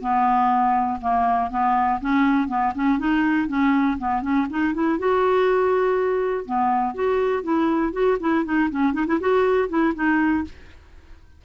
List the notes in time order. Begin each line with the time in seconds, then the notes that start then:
0.00 B3
1.01 A#3
1.50 B3
2.01 C#4
2.48 B3
2.75 C#4
2.98 D#4
3.48 C#4
3.98 B3
4.22 C#4
4.50 D#4
4.74 E4
4.98 F#4
6.45 B3
6.94 F#4
7.43 E4
7.93 F#4
8.20 E4
8.45 D#4
8.70 C#4
8.93 D#4
9.07 E4
9.20 F#4
9.69 E4
9.95 D#4